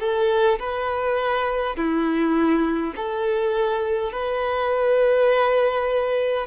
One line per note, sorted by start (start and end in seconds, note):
0.00 0.59 A4
0.59 1.77 B4
1.77 2.95 E4
2.96 4.13 A4
4.13 6.47 B4